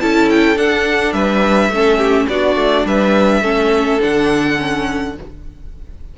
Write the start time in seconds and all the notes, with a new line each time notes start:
0.00 C#4 E4 A4 A5
0.29 G5
0.56 D4 F#5
1.13 G3 B4 E5
1.69 A3 C#4 A4
1.98 G4
2.29 B3 D4 F#4 D5
2.56 A3
2.85 G3 B4 E5
3.41 A3 C#4 A4
4.00 D3 D4 F#5
4.58 C#4